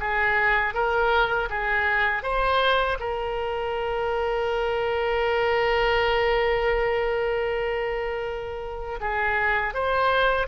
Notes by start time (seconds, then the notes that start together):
0.00 G#4
0.74 A#4
1.49 G#4
2.23 C5
2.99 A#4
9.00 G#4
9.74 C5